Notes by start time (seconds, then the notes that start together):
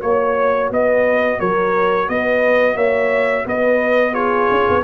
0.00 A#3 F#4 C#5
0.71 B3 B4 D#5
1.39 F#3 A#4 C#5
2.08 B3 B4 D#5
2.76 A#3 C#5 E5
3.46 B3 B4 D#5
4.13 F4 G#4 C#5
4.51 C#4
4.69 B3